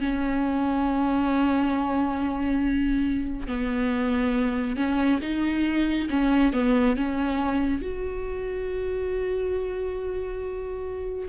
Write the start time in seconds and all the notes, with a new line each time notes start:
0.00 C#4
3.47 B3
4.76 C#4
5.22 D#4
6.10 C#4
6.53 B3
6.96 C#4
7.82 F#4